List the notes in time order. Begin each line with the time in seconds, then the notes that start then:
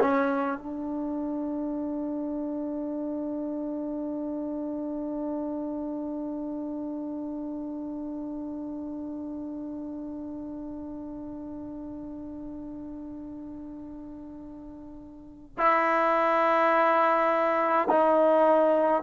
0.00 C#4
0.58 D4
15.57 E4
17.88 D#4